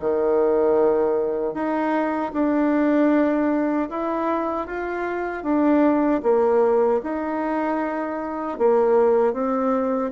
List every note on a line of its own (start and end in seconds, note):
0.00 1.54 D#3
1.54 2.32 D#4
2.33 3.89 D4
3.90 4.67 E4
4.67 5.43 F4
5.43 6.21 D4
6.23 7.01 A#3
7.03 8.58 D#4
8.58 9.33 A#3
9.33 10.11 C4